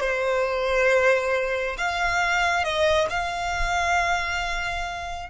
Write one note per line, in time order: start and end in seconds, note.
0.00 1.76 C5
1.77 2.64 F5
2.64 3.08 D#5
3.09 5.29 F5